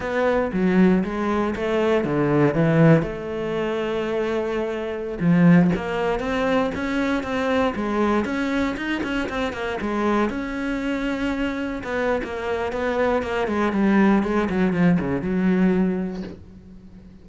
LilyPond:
\new Staff \with { instrumentName = "cello" } { \time 4/4 \tempo 4 = 118 b4 fis4 gis4 a4 | d4 e4 a2~ | a2~ a16 f4 ais8.~ | ais16 c'4 cis'4 c'4 gis8.~ |
gis16 cis'4 dis'8 cis'8 c'8 ais8 gis8.~ | gis16 cis'2. b8. | ais4 b4 ais8 gis8 g4 | gis8 fis8 f8 cis8 fis2 | }